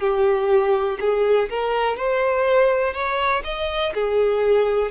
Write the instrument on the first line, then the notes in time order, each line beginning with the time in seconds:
violin
0.00 G4
1.00 G#4
1.49 A#4
1.97 C5
2.93 C#5
3.44 D#5
3.94 G#4